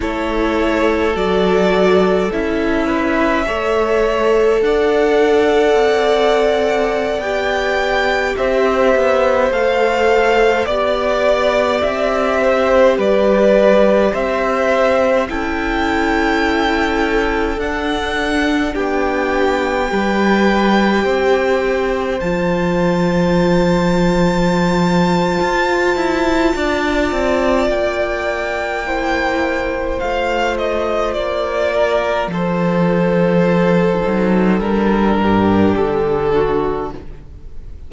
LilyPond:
<<
  \new Staff \with { instrumentName = "violin" } { \time 4/4 \tempo 4 = 52 cis''4 d''4 e''2 | fis''2~ fis''16 g''4 e''8.~ | e''16 f''4 d''4 e''4 d''8.~ | d''16 e''4 g''2 fis''8.~ |
fis''16 g''2. a''8.~ | a''1 | g''2 f''8 dis''8 d''4 | c''2 ais'4 a'4 | }
  \new Staff \with { instrumentName = "violin" } { \time 4/4 a'2~ a'8 b'8 cis''4 | d''2.~ d''16 c''8.~ | c''4~ c''16 d''4. c''8 b'8.~ | b'16 c''4 a'2~ a'8.~ |
a'16 g'4 b'4 c''4.~ c''16~ | c''2. d''4~ | d''4 c''2~ c''8 ais'8 | a'2~ a'8 g'4 fis'8 | }
  \new Staff \with { instrumentName = "viola" } { \time 4/4 e'4 fis'4 e'4 a'4~ | a'2~ a'16 g'4.~ g'16~ | g'16 a'4 g'2~ g'8.~ | g'4~ g'16 e'2 d'8.~ |
d'4~ d'16 g'2 f'8.~ | f'1~ | f'4 e'4 f'2~ | f'4. dis'8 d'2 | }
  \new Staff \with { instrumentName = "cello" } { \time 4/4 a4 fis4 cis'4 a4 | d'4 c'4~ c'16 b4 c'8 b16~ | b16 a4 b4 c'4 g8.~ | g16 c'4 cis'2 d'8.~ |
d'16 b4 g4 c'4 f8.~ | f2 f'8 e'8 d'8 c'8 | ais2 a4 ais4 | f4. fis8 g8 g,8 d4 | }
>>